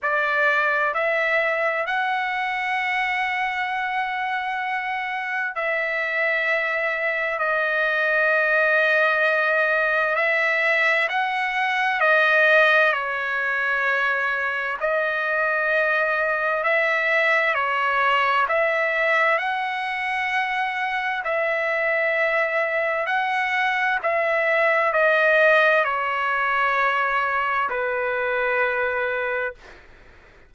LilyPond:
\new Staff \with { instrumentName = "trumpet" } { \time 4/4 \tempo 4 = 65 d''4 e''4 fis''2~ | fis''2 e''2 | dis''2. e''4 | fis''4 dis''4 cis''2 |
dis''2 e''4 cis''4 | e''4 fis''2 e''4~ | e''4 fis''4 e''4 dis''4 | cis''2 b'2 | }